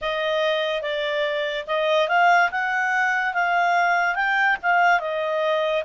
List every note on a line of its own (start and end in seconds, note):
0.01 0.82 D#5
0.82 1.65 D5
1.67 2.08 D#5
2.08 2.50 F5
2.51 3.34 F#5
3.34 4.15 F5
4.15 4.56 G5
4.62 5.00 F5
5.00 5.83 D#5